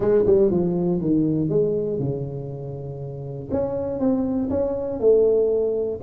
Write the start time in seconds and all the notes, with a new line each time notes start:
0.00 G#3
0.26 G3
0.50 F3
1.00 D#3
1.49 G#3
1.99 C#3
3.51 C#4
3.99 C4
4.50 C#4
5.00 A3